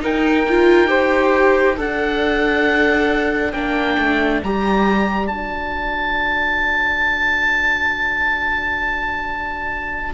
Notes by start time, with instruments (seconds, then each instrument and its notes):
0.00 viola D#4, cello D#4, flute A#4, oboe G5
0.49 viola F4
0.87 viola G4, flute C5
1.77 cello D4, viola A4, flute D5, oboe F#5
3.53 cello A#3, viola D4, oboe G5
3.98 cello A3
4.43 cello G3, viola G4, oboe A#5
5.28 cello D4, viola F#4, oboe A5